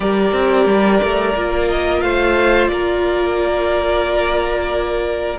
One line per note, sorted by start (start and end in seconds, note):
0.00 0.32 G3
0.00 1.35 G4
0.00 2.03 A#4
0.00 1.68 D5
0.32 0.65 C4
0.65 0.99 G3
1.03 1.34 A3
1.34 2.01 A#3
1.34 5.38 F4
1.68 2.01 D#5
2.01 2.68 A3
2.01 2.70 C5
2.01 2.67 F5
2.67 5.37 A#3
2.67 5.38 A#4
2.67 5.37 D5